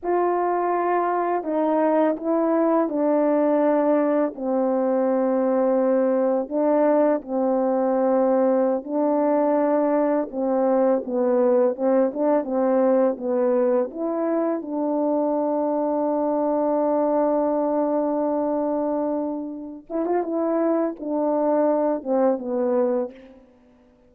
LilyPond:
\new Staff \with { instrumentName = "horn" } { \time 4/4 \tempo 4 = 83 f'2 dis'4 e'4 | d'2 c'2~ | c'4 d'4 c'2~ | c'16 d'2 c'4 b8.~ |
b16 c'8 d'8 c'4 b4 e'8.~ | e'16 d'2.~ d'8.~ | d'2.~ d'8 e'16 f'16 | e'4 d'4. c'8 b4 | }